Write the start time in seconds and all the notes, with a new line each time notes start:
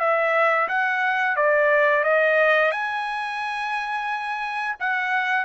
0.00 E5
0.68 F#5
1.36 D5
2.04 D#5
2.71 G#5
4.80 F#5